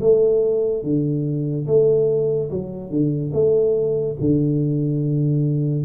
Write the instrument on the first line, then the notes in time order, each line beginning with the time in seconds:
tuba
0.00 A3
0.83 D3
1.66 A3
2.50 F#3
2.89 D3
3.33 A3
4.20 D3